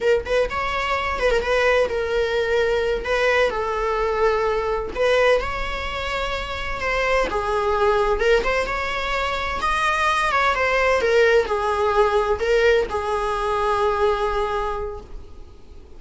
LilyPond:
\new Staff \with { instrumentName = "viola" } { \time 4/4 \tempo 4 = 128 ais'8 b'8 cis''4. b'16 ais'16 b'4 | ais'2~ ais'8 b'4 a'8~ | a'2~ a'8 b'4 cis''8~ | cis''2~ cis''8 c''4 gis'8~ |
gis'4. ais'8 c''8 cis''4.~ | cis''8 dis''4. cis''8 c''4 ais'8~ | ais'8 gis'2 ais'4 gis'8~ | gis'1 | }